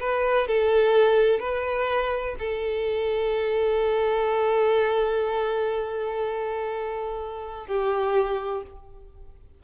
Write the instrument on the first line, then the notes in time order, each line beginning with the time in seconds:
violin
0.00 B4
0.48 A4
1.40 B4
2.39 A4
7.67 G4